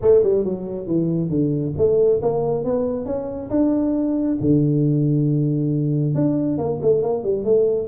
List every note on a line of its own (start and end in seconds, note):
0.01 0.23 A3
0.23 0.44 G3
0.44 0.86 F#3
0.86 1.29 E3
1.29 1.73 D3
1.77 2.21 A3
2.22 2.64 A#3
2.64 3.05 B3
3.05 3.49 C#4
3.50 4.37 D4
4.41 6.15 D3
6.15 6.58 D4
6.58 6.79 A#3
6.82 7.02 A3
7.02 7.23 A#3
7.23 7.44 G3
7.44 7.88 A3